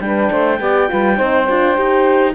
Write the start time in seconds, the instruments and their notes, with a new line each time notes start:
0.00 cello G3, horn D4, saxophone B4, clarinet G5
0.31 cello A3, saxophone C5
0.59 cello B3, horn G4, saxophone D5
0.88 cello G3, horn F4, saxophone B4
1.16 cello C4, horn D#4, saxophone C5
1.48 cello D4, horn F4
1.75 cello D#4, horn G4